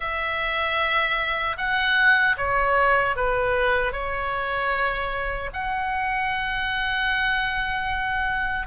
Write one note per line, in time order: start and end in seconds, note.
0.00 1.56 E5
1.57 2.36 F#5
2.37 3.16 C#5
3.16 3.92 B4
3.92 5.50 C#5
5.53 8.67 F#5